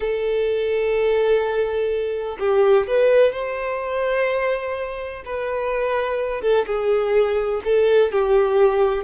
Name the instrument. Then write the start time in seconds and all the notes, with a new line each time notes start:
violin
0.00 A4
2.39 G4
2.87 B4
3.32 C5
5.25 B4
6.41 A4
6.66 G#4
7.64 A4
8.11 G4